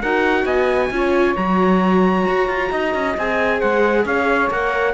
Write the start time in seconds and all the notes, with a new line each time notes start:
0.00 D#4 F#4 A#4 F#5
0.45 B3 D#5 G#5
0.90 C#4 F4 C#5
1.36 F#3 F#4 A#5
2.27 F#4
2.48 F4
2.71 D#4 D#5
2.94 C#4
3.17 C4 G#4 G#5
3.58 G#3 C5 F#5
4.04 C#4 C#5 F5
4.50 A#3 A#4 F#5